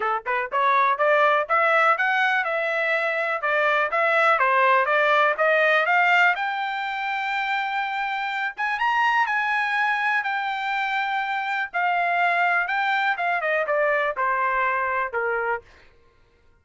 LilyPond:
\new Staff \with { instrumentName = "trumpet" } { \time 4/4 \tempo 4 = 123 a'8 b'8 cis''4 d''4 e''4 | fis''4 e''2 d''4 | e''4 c''4 d''4 dis''4 | f''4 g''2.~ |
g''4. gis''8 ais''4 gis''4~ | gis''4 g''2. | f''2 g''4 f''8 dis''8 | d''4 c''2 ais'4 | }